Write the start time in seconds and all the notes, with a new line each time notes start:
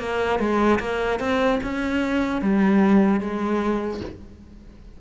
0.00 A#3
0.39 G#3
0.80 A#3
1.20 C4
1.64 C#4
2.42 G3
3.21 G#3